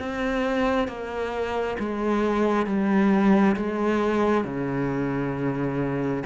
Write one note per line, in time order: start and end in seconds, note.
0.00 0.88 C4
0.88 1.78 A#3
1.80 2.67 G#3
2.67 3.56 G3
3.57 4.45 G#3
4.45 6.24 C#3